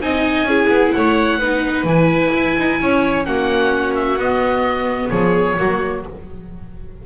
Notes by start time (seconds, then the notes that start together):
0.00 C4 D#4 D#5 G#5
0.43 C#4 E4 G#4
0.68 B3
0.92 A3 C#5 F#5
1.38 B3 D#4 B4
1.84 E3 E4 G#5
2.33 E4
2.57 D#4
2.80 C#4 C#5
3.24 A#3 C#4 F#4 F#5
3.95 E5
4.16 B3 D#5
5.09 F3 G#4 C#5
5.57 F#3 A#3 F#4